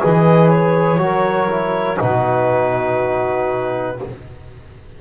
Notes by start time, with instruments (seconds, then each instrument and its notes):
0.00 double bass E3, trombone G#4, saxophone B4, clarinet D#5
0.49 clarinet C#5
0.97 double bass F#3, trombone F#4, saxophone A#4
1.49 trombone E4
1.97 double bass B2, trombone D#4, saxophone F#4, clarinet B4